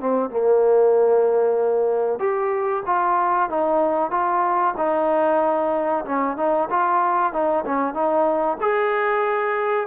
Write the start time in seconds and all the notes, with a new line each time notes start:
0.00 C4
0.30 A#3
2.19 G4
2.86 F4
3.50 D#4
4.11 F4
4.77 D#4
6.05 C#4
6.37 D#4
6.70 F4
7.33 D#4
7.65 C#4
7.94 D#4
8.61 G#4